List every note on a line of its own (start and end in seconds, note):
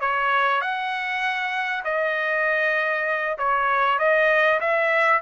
0.00 0.61 C#5
0.61 1.83 F#5
1.84 3.37 D#5
3.38 3.99 C#5
3.99 4.60 D#5
4.60 5.21 E5